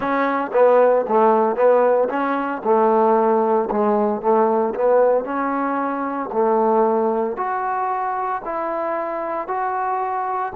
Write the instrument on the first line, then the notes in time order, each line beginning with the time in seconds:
trombone
0.00 C#4
0.53 B3
1.08 A3
1.56 B3
2.09 C#4
2.64 A3
3.70 G#3
4.21 A3
4.74 B3
5.24 C#4
6.32 A3
7.36 F#4
8.44 E4
9.47 F#4